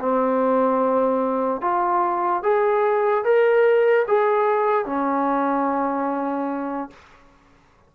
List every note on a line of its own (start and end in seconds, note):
0.00 1.62 C4
1.62 2.43 F4
2.43 3.24 G#4
3.25 4.06 A#4
4.08 4.86 G#4
4.86 6.90 C#4